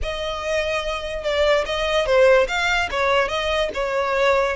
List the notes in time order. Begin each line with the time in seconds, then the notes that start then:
0.02 D#5
1.23 D5
1.65 D#5
2.06 C5
2.48 F5
2.90 C#5
3.28 D#5
3.74 C#5